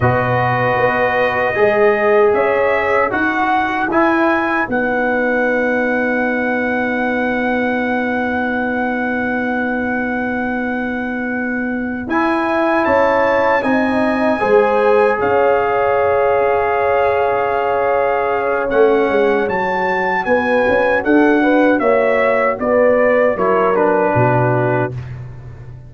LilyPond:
<<
  \new Staff \with { instrumentName = "trumpet" } { \time 4/4 \tempo 4 = 77 dis''2. e''4 | fis''4 gis''4 fis''2~ | fis''1~ | fis''2.~ fis''8 gis''8~ |
gis''8 a''4 gis''2 f''8~ | f''1 | fis''4 a''4 gis''4 fis''4 | e''4 d''4 cis''8 b'4. | }
  \new Staff \with { instrumentName = "horn" } { \time 4/4 b'2 dis''4 cis''4 | b'1~ | b'1~ | b'1~ |
b'8 cis''4 dis''4 c''4 cis''8~ | cis''1~ | cis''2 b'4 a'8 b'8 | cis''4 b'4 ais'4 fis'4 | }
  \new Staff \with { instrumentName = "trombone" } { \time 4/4 fis'2 gis'2 | fis'4 e'4 dis'2~ | dis'1~ | dis'2.~ dis'8 e'8~ |
e'4. dis'4 gis'4.~ | gis'1 | cis'4 fis'2.~ | fis'2 e'8 d'4. | }
  \new Staff \with { instrumentName = "tuba" } { \time 4/4 b,4 b4 gis4 cis'4 | dis'4 e'4 b2~ | b1~ | b2.~ b8 e'8~ |
e'8 cis'4 c'4 gis4 cis'8~ | cis'1 | a8 gis8 fis4 b8 cis'8 d'4 | ais4 b4 fis4 b,4 | }
>>